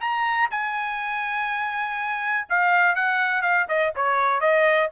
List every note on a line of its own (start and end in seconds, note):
0.00 0.49 A#5
0.50 2.47 G#5
2.49 2.95 F5
2.95 3.42 F#5
3.42 3.66 F5
3.68 3.93 D#5
3.95 4.40 C#5
4.40 4.89 D#5